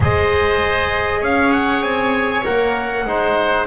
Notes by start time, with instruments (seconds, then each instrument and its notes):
0.00 double bass G#3, trombone G#4, oboe C5, trumpet D#5
1.20 double bass C#4, oboe C#5, trumpet F5
1.52 trumpet F#5
1.82 double bass C4, trumpet G#5
2.44 double bass A#3, trombone A#4, trumpet F#5
3.05 double bass G#3, trombone D#4, oboe C5